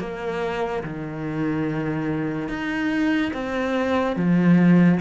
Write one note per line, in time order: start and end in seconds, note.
0.00 0.83 A#3
0.84 2.49 D#3
2.49 3.32 D#4
3.34 4.16 C4
4.16 5.00 F3